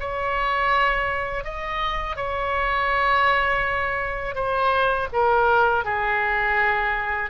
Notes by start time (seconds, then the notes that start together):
0.00 C#5
1.44 D#5
2.16 C#5
4.35 C5
5.13 A#4
5.85 G#4